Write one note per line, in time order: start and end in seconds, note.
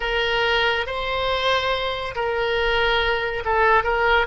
0.00 0.86 A#4
0.86 2.14 C5
2.15 3.43 A#4
3.44 3.83 A4
3.83 4.26 A#4